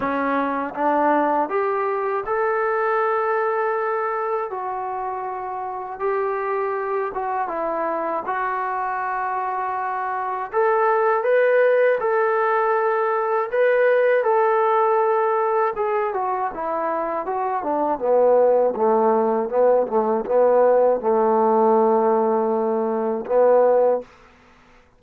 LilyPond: \new Staff \with { instrumentName = "trombone" } { \time 4/4 \tempo 4 = 80 cis'4 d'4 g'4 a'4~ | a'2 fis'2 | g'4. fis'8 e'4 fis'4~ | fis'2 a'4 b'4 |
a'2 b'4 a'4~ | a'4 gis'8 fis'8 e'4 fis'8 d'8 | b4 a4 b8 a8 b4 | a2. b4 | }